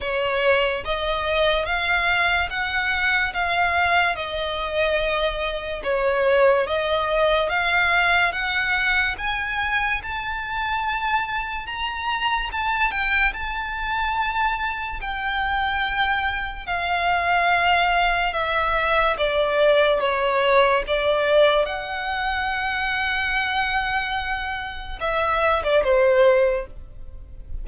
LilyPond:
\new Staff \with { instrumentName = "violin" } { \time 4/4 \tempo 4 = 72 cis''4 dis''4 f''4 fis''4 | f''4 dis''2 cis''4 | dis''4 f''4 fis''4 gis''4 | a''2 ais''4 a''8 g''8 |
a''2 g''2 | f''2 e''4 d''4 | cis''4 d''4 fis''2~ | fis''2 e''8. d''16 c''4 | }